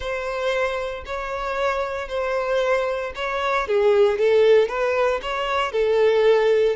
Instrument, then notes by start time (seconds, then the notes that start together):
violin
0.00 C5
1.05 C#5
2.08 C5
3.15 C#5
3.67 G#4
4.18 A4
4.68 B4
5.22 C#5
5.72 A4